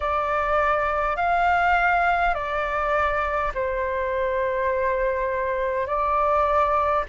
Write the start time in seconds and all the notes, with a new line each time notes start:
0.00 D5
1.16 F5
2.34 D5
3.54 C5
5.86 D5